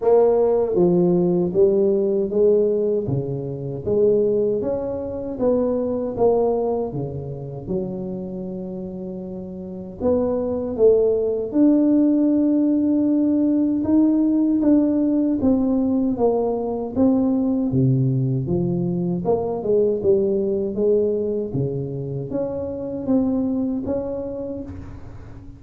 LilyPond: \new Staff \with { instrumentName = "tuba" } { \time 4/4 \tempo 4 = 78 ais4 f4 g4 gis4 | cis4 gis4 cis'4 b4 | ais4 cis4 fis2~ | fis4 b4 a4 d'4~ |
d'2 dis'4 d'4 | c'4 ais4 c'4 c4 | f4 ais8 gis8 g4 gis4 | cis4 cis'4 c'4 cis'4 | }